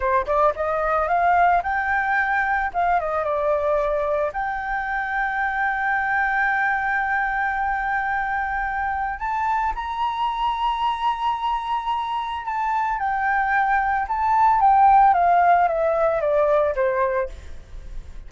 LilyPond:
\new Staff \with { instrumentName = "flute" } { \time 4/4 \tempo 4 = 111 c''8 d''8 dis''4 f''4 g''4~ | g''4 f''8 dis''8 d''2 | g''1~ | g''1~ |
g''4 a''4 ais''2~ | ais''2. a''4 | g''2 a''4 g''4 | f''4 e''4 d''4 c''4 | }